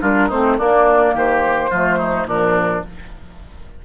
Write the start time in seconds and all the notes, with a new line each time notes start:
0.00 G3 D4 F4 A#4
0.28 A3 C4 D#4 C5
0.58 A#3 D4 D5
1.14 D#3 G4 C5
1.70 F3 A3 F4
1.98 D#4
2.24 A#2 F3 D4 A#4